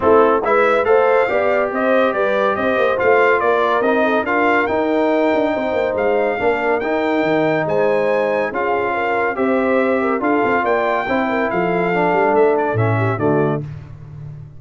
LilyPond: <<
  \new Staff \with { instrumentName = "trumpet" } { \time 4/4 \tempo 4 = 141 a'4 e''4 f''2 | dis''4 d''4 dis''4 f''4 | d''4 dis''4 f''4 g''4~ | g''2 f''2 |
g''2 gis''2 | f''2 e''2 | f''4 g''2 f''4~ | f''4 e''8 d''8 e''4 d''4 | }
  \new Staff \with { instrumentName = "horn" } { \time 4/4 e'4 b'4 c''4 d''4 | c''4 b'4 c''2 | ais'4. a'8 ais'2~ | ais'4 c''2 ais'4~ |
ais'2 c''2 | gis'4 ais'4 c''4. ais'8 | a'4 d''4 c''8 ais'8 a'4~ | a'2~ a'8 g'8 fis'4 | }
  \new Staff \with { instrumentName = "trombone" } { \time 4/4 c'4 e'4 a'4 g'4~ | g'2. f'4~ | f'4 dis'4 f'4 dis'4~ | dis'2. d'4 |
dis'1 | f'2 g'2 | f'2 e'2 | d'2 cis'4 a4 | }
  \new Staff \with { instrumentName = "tuba" } { \time 4/4 a4 gis4 a4 b4 | c'4 g4 c'8 ais8 a4 | ais4 c'4 d'4 dis'4~ | dis'8 d'8 c'8 ais8 gis4 ais4 |
dis'4 dis4 gis2 | cis'2 c'2 | d'8 c'8 ais4 c'4 f4~ | f8 g8 a4 a,4 d4 | }
>>